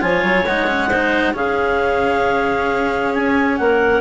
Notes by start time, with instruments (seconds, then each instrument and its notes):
0.00 bassoon F3, cello F4, clarinet C#5 G#5
0.23 bassoon F#3
0.46 bassoon G#3, cello D#4, clarinet F#5
0.67 cello C#4
0.89 cello D#4, clarinet C5
1.34 bassoon C#3, cello C#4, clarinet G#4 F5
3.14 bassoon C#4, clarinet G#5
3.57 bassoon A#3, clarinet A#4 F#5